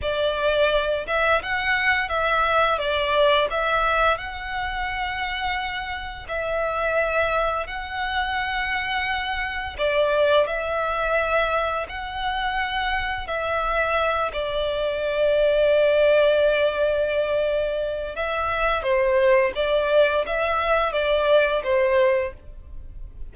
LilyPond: \new Staff \with { instrumentName = "violin" } { \time 4/4 \tempo 4 = 86 d''4. e''8 fis''4 e''4 | d''4 e''4 fis''2~ | fis''4 e''2 fis''4~ | fis''2 d''4 e''4~ |
e''4 fis''2 e''4~ | e''8 d''2.~ d''8~ | d''2 e''4 c''4 | d''4 e''4 d''4 c''4 | }